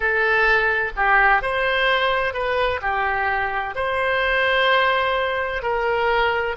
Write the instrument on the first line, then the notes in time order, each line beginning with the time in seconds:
oboe
0.00 A4
0.96 G4
1.41 C5
2.33 B4
2.81 G4
3.75 C5
5.62 A#4